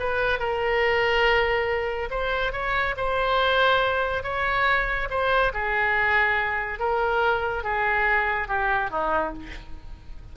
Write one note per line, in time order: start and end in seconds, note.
0.00 0.39 B4
0.39 2.10 A#4
2.11 2.53 C5
2.53 2.95 C#5
2.97 4.24 C5
4.24 5.09 C#5
5.10 5.53 C5
5.54 6.79 G#4
6.79 7.64 A#4
7.64 8.48 G#4
8.48 8.91 G4
8.91 9.33 D#4